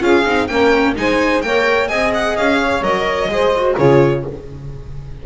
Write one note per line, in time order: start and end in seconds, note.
0.00 0.25 C#4
0.00 0.23 F4
0.00 0.48 G#4
0.00 0.47 F5
0.25 0.49 C4
0.25 0.49 D#4
0.47 0.96 A#3
0.47 0.95 C#4
0.47 0.95 A#4
0.47 0.94 G5
0.95 1.44 G#3
0.95 1.42 D#4
0.95 1.44 C5
0.95 1.42 G#5
1.42 1.90 A#3
1.42 1.89 A#4
1.42 1.88 C#5
1.42 1.88 G5
1.88 2.37 C4
1.88 2.83 G#4
1.88 2.59 D#5
1.88 2.12 G#5
2.14 2.37 F#5
2.37 2.82 C#4
2.37 2.83 F5
2.61 3.31 C#5
2.82 3.28 F#3
2.82 3.29 A#4
2.82 3.77 D#5
3.28 3.75 G#3
3.28 3.54 G#4
3.28 3.76 C5
3.56 3.79 F#4
3.76 4.26 C#3
3.76 4.26 F4
3.76 4.23 G#4
3.76 4.25 C#5